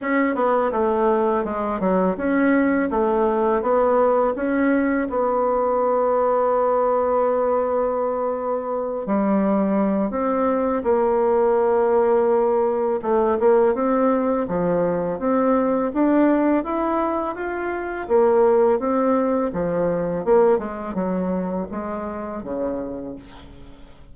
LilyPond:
\new Staff \with { instrumentName = "bassoon" } { \time 4/4 \tempo 4 = 83 cis'8 b8 a4 gis8 fis8 cis'4 | a4 b4 cis'4 b4~ | b1~ | b8 g4. c'4 ais4~ |
ais2 a8 ais8 c'4 | f4 c'4 d'4 e'4 | f'4 ais4 c'4 f4 | ais8 gis8 fis4 gis4 cis4 | }